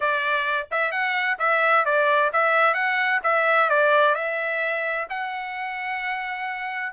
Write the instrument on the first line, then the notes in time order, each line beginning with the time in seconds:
trumpet
0.00 D5
0.71 E5
0.91 F#5
1.38 E5
1.85 D5
2.32 E5
2.73 F#5
3.23 E5
3.69 D5
4.14 E5
5.09 F#5